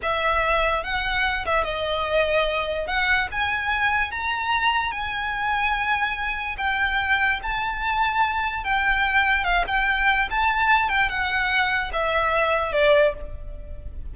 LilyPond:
\new Staff \with { instrumentName = "violin" } { \time 4/4 \tempo 4 = 146 e''2 fis''4. e''8 | dis''2. fis''4 | gis''2 ais''2 | gis''1 |
g''2 a''2~ | a''4 g''2 f''8 g''8~ | g''4 a''4. g''8 fis''4~ | fis''4 e''2 d''4 | }